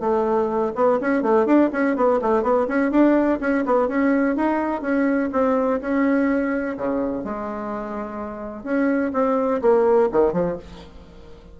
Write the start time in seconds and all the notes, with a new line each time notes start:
0.00 A3
0.75 B3
1.01 C#4
1.22 A3
1.46 D4
1.72 C#4
1.96 B3
2.22 A3
2.43 B3
2.68 C#4
2.91 D4
3.40 C#4
3.66 B3
3.88 C#4
4.36 D#4
4.82 C#4
5.32 C4
5.81 C#4
6.77 C#3
7.24 G#3
8.64 C#4
9.13 C4
9.62 A#3
10.12 D#3
10.33 F3